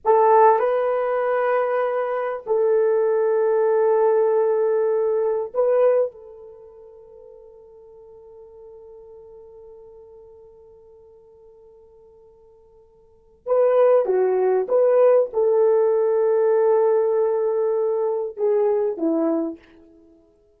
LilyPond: \new Staff \with { instrumentName = "horn" } { \time 4/4 \tempo 4 = 98 a'4 b'2. | a'1~ | a'4 b'4 a'2~ | a'1~ |
a'1~ | a'2 b'4 fis'4 | b'4 a'2.~ | a'2 gis'4 e'4 | }